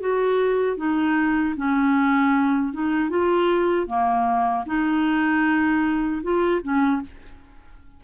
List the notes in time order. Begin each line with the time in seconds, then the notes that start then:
0.00 F#4
0.77 D#4
1.57 C#4
2.73 D#4
3.10 F4
3.87 A#3
4.66 D#4
6.23 F4
6.63 C#4